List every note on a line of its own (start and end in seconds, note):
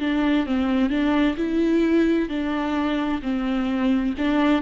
0.00 0.46 D4
0.46 0.90 C4
0.90 1.36 D4
1.37 2.29 E4
2.29 3.21 D4
3.22 4.15 C4
4.18 4.62 D4